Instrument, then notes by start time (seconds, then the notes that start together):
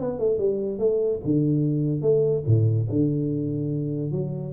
tuba
0.00 B3
0.19 A3
0.39 G3
0.79 A3
1.24 D3
2.02 A3
2.46 A2
2.90 D3
4.12 F#3